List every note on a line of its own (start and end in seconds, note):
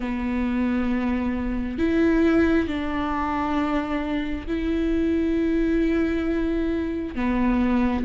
0.00 1.78 B3
1.78 2.67 E4
2.67 4.46 D4
4.47 7.15 E4
7.15 8.04 B3